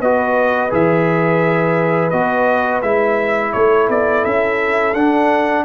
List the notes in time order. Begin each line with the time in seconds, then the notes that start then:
0.00 B3 F#4 B4 D#5
0.70 E3 G#4 E5
2.10 B3 F#4 D#5
2.82 G#3 E4 E5
3.53 A3 A4 C#5
3.89 B3 D5
4.25 C#4 E5
4.94 D4 F#5